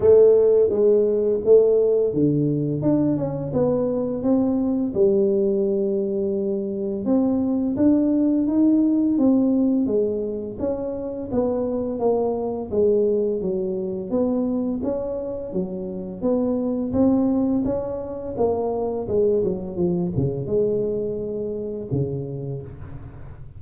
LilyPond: \new Staff \with { instrumentName = "tuba" } { \time 4/4 \tempo 4 = 85 a4 gis4 a4 d4 | d'8 cis'8 b4 c'4 g4~ | g2 c'4 d'4 | dis'4 c'4 gis4 cis'4 |
b4 ais4 gis4 fis4 | b4 cis'4 fis4 b4 | c'4 cis'4 ais4 gis8 fis8 | f8 cis8 gis2 cis4 | }